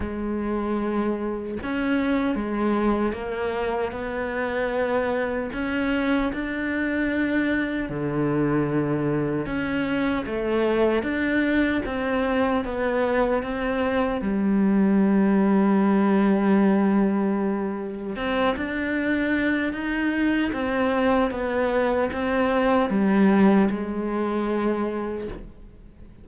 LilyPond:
\new Staff \with { instrumentName = "cello" } { \time 4/4 \tempo 4 = 76 gis2 cis'4 gis4 | ais4 b2 cis'4 | d'2 d2 | cis'4 a4 d'4 c'4 |
b4 c'4 g2~ | g2. c'8 d'8~ | d'4 dis'4 c'4 b4 | c'4 g4 gis2 | }